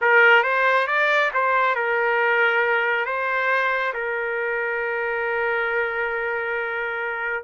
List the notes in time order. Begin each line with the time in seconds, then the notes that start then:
0.01 A#4
0.43 C5
0.87 D5
1.33 C5
1.75 A#4
3.05 C5
3.93 A#4